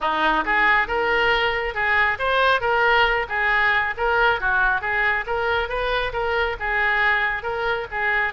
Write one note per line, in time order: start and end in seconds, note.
0.00 0.44 D#4
0.45 0.87 G#4
0.87 1.74 A#4
1.74 2.18 G#4
2.19 2.60 C5
2.60 3.26 A#4
3.28 3.94 G#4
3.97 4.40 A#4
4.40 4.81 F#4
4.81 5.25 G#4
5.26 5.68 A#4
5.68 6.12 B4
6.12 6.56 A#4
6.59 7.43 G#4
7.43 7.86 A#4
7.91 8.33 G#4